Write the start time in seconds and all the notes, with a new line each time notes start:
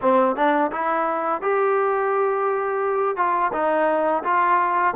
0.01 C4
0.36 D4
0.71 E4
1.41 G4
3.16 F4
3.52 D#4
4.24 F4